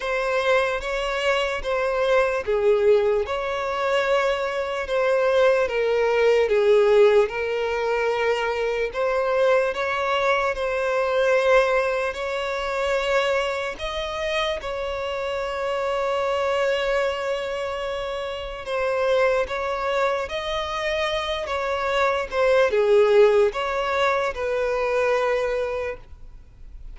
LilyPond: \new Staff \with { instrumentName = "violin" } { \time 4/4 \tempo 4 = 74 c''4 cis''4 c''4 gis'4 | cis''2 c''4 ais'4 | gis'4 ais'2 c''4 | cis''4 c''2 cis''4~ |
cis''4 dis''4 cis''2~ | cis''2. c''4 | cis''4 dis''4. cis''4 c''8 | gis'4 cis''4 b'2 | }